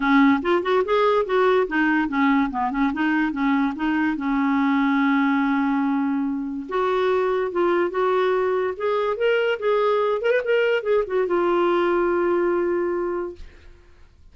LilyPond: \new Staff \with { instrumentName = "clarinet" } { \time 4/4 \tempo 4 = 144 cis'4 f'8 fis'8 gis'4 fis'4 | dis'4 cis'4 b8 cis'8 dis'4 | cis'4 dis'4 cis'2~ | cis'1 |
fis'2 f'4 fis'4~ | fis'4 gis'4 ais'4 gis'4~ | gis'8 ais'16 b'16 ais'4 gis'8 fis'8 f'4~ | f'1 | }